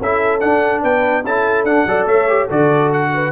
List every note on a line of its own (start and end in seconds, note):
0.00 0.42 C#4
0.00 0.40 E4
0.00 0.82 A4
0.00 0.40 E5
0.40 1.23 D4
0.40 0.83 D4
0.40 0.82 F#5
0.82 1.24 B3
0.82 1.24 B4
0.82 1.25 G5
1.24 1.64 C#4
1.24 1.67 E4
1.24 1.87 A4
1.24 1.65 A5
1.64 1.85 D4
1.64 1.88 D4
1.64 2.07 F#5
1.87 2.06 F#3
1.87 2.28 A4
1.87 2.07 D5
2.06 2.47 A3
2.06 2.47 C#5
2.06 2.49 E5
2.28 2.49 G4
2.47 3.32 D3
2.47 3.32 F#4
2.47 3.09 A4
2.47 2.92 D5
2.92 3.32 F#5
3.14 3.32 B4